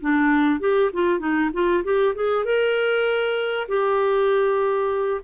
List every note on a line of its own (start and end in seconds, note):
0.00 0.60 D4
0.60 0.90 G4
0.93 1.19 F4
1.19 1.50 D#4
1.53 1.83 F4
1.84 2.15 G4
2.15 2.45 G#4
2.45 3.67 A#4
3.68 5.21 G4